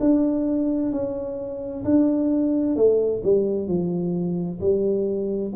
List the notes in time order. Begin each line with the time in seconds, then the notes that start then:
0.00 D4
0.92 C#4
1.85 D4
2.76 A3
3.23 G3
3.68 F3
4.60 G3